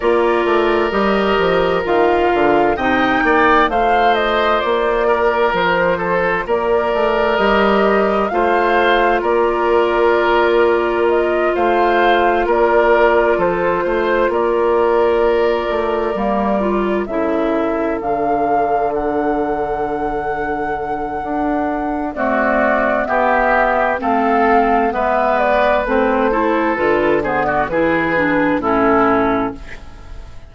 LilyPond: <<
  \new Staff \with { instrumentName = "flute" } { \time 4/4 \tempo 4 = 65 d''4 dis''4 f''4 g''4 | f''8 dis''8 d''4 c''4 d''4 | dis''4 f''4 d''2 | dis''8 f''4 d''4 c''4 d''8~ |
d''2~ d''8 e''4 f''8~ | f''8 fis''2.~ fis''8 | d''4 e''4 f''4 e''8 d''8 | c''4 b'8 c''16 d''16 b'4 a'4 | }
  \new Staff \with { instrumentName = "oboe" } { \time 4/4 ais'2. dis''8 d''8 | c''4. ais'4 a'8 ais'4~ | ais'4 c''4 ais'2~ | ais'8 c''4 ais'4 a'8 c''8 ais'8~ |
ais'2~ ais'8 a'4.~ | a'1 | fis'4 g'4 a'4 b'4~ | b'8 a'4 gis'16 fis'16 gis'4 e'4 | }
  \new Staff \with { instrumentName = "clarinet" } { \time 4/4 f'4 g'4 f'4 dis'4 | f'1 | g'4 f'2.~ | f'1~ |
f'4. ais8 f'8 e'4 d'8~ | d'1 | a4 b4 c'4 b4 | c'8 e'8 f'8 b8 e'8 d'8 cis'4 | }
  \new Staff \with { instrumentName = "bassoon" } { \time 4/4 ais8 a8 g8 f8 dis8 d8 c8 ais8 | a4 ais4 f4 ais8 a8 | g4 a4 ais2~ | ais8 a4 ais4 f8 a8 ais8~ |
ais4 a8 g4 cis4 d8~ | d2. d'4 | c'4 b4 a4 gis4 | a4 d4 e4 a,4 | }
>>